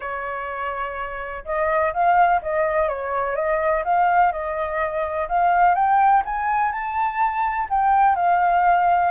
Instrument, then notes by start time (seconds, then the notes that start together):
flute
0.00 C#5
1.44 D#5
1.93 F5
2.42 D#5
2.88 C#5
3.35 D#5
3.84 F5
4.32 D#5
5.28 F5
5.74 G5
6.25 G#5
6.72 A5
7.69 G5
8.15 F5